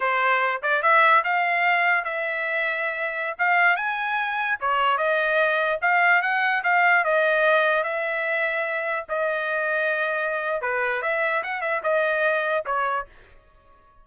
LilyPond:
\new Staff \with { instrumentName = "trumpet" } { \time 4/4 \tempo 4 = 147 c''4. d''8 e''4 f''4~ | f''4 e''2.~ | e''16 f''4 gis''2 cis''8.~ | cis''16 dis''2 f''4 fis''8.~ |
fis''16 f''4 dis''2 e''8.~ | e''2~ e''16 dis''4.~ dis''16~ | dis''2 b'4 e''4 | fis''8 e''8 dis''2 cis''4 | }